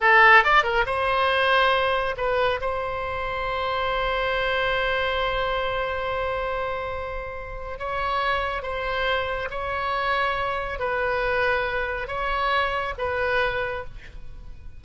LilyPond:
\new Staff \with { instrumentName = "oboe" } { \time 4/4 \tempo 4 = 139 a'4 d''8 ais'8 c''2~ | c''4 b'4 c''2~ | c''1~ | c''1~ |
c''2 cis''2 | c''2 cis''2~ | cis''4 b'2. | cis''2 b'2 | }